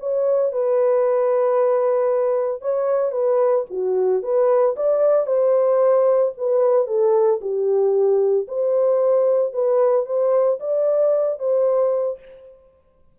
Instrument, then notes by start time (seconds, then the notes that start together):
horn
0.00 C#5
0.53 B4
2.62 C#5
3.12 B4
3.71 F#4
4.23 B4
4.76 D5
5.27 C5
6.38 B4
6.87 A4
7.41 G4
8.48 C5
9.53 B4
10.06 C5
10.60 D5
11.39 C5